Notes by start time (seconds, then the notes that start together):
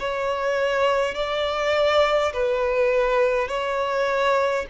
0.00 C#5
1.15 D5
2.33 B4
3.48 C#5